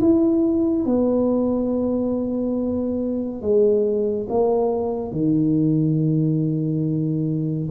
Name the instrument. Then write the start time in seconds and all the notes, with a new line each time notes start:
tuba
0.00 E4
0.85 B3
3.41 G#3
4.29 A#3
5.12 D#3